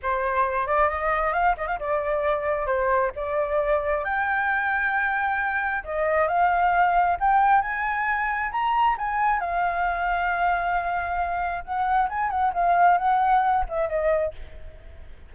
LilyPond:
\new Staff \with { instrumentName = "flute" } { \time 4/4 \tempo 4 = 134 c''4. d''8 dis''4 f''8 dis''16 f''16 | d''2 c''4 d''4~ | d''4 g''2.~ | g''4 dis''4 f''2 |
g''4 gis''2 ais''4 | gis''4 f''2.~ | f''2 fis''4 gis''8 fis''8 | f''4 fis''4. e''8 dis''4 | }